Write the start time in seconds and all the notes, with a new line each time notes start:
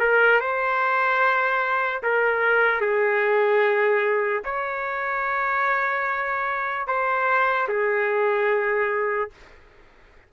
0.00 A#4
0.41 C5
2.03 A#4
2.81 G#4
4.45 C#5
6.87 C5
7.69 G#4